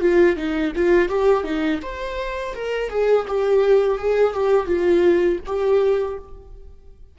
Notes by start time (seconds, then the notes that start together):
0.00 F4
0.36 D#4
0.75 F4
1.09 G4
1.44 D#4
1.82 C5
2.55 A#4
2.89 G#4
3.28 G4
3.98 G#4
4.33 G4
4.66 F4
5.46 G4